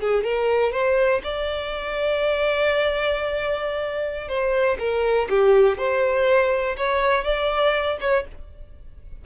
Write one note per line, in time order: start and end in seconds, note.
0.00 0.23 G#4
0.23 0.72 A#4
0.72 1.21 C5
1.23 4.28 D5
4.28 4.77 C5
4.79 5.28 A#4
5.29 5.77 G4
5.77 6.76 C5
6.77 7.24 C#5
7.24 7.98 D5
8.00 8.25 C#5